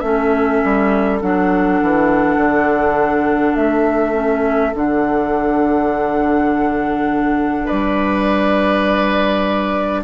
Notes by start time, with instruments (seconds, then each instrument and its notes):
0.00 bassoon A3, clarinet C#4, oboe A4, flute E5
0.64 bassoon G3
1.21 bassoon F#3, clarinet D4, flute F#5
1.82 bassoon E3
2.37 bassoon D3
3.56 bassoon A3, flute E5
4.13 clarinet C#4
4.75 bassoon D3, clarinet D4, flute F#5
7.66 bassoon G3, oboe B4, flute D5